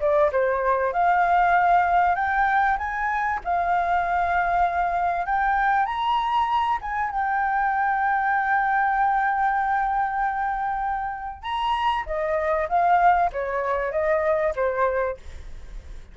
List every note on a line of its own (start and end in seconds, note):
0.00 0.31 D5
0.32 0.93 C5
0.93 2.16 F5
2.16 2.78 G5
2.78 3.40 G#5
3.45 5.26 F5
5.26 5.86 G5
5.86 6.78 A#5
6.82 7.11 G#5
7.11 11.43 G5
11.43 12.04 A#5
12.06 12.68 D#5
12.69 13.31 F5
13.33 13.92 C#5
13.92 14.54 D#5
14.56 15.18 C5